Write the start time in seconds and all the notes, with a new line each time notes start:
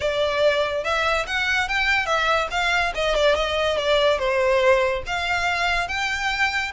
0.00 D5
0.84 E5
1.26 F#5
1.68 G5
2.06 E5
2.51 F5
2.94 D#5
3.15 D5
3.35 D#5
3.77 D5
4.18 C5
5.06 F5
5.88 G5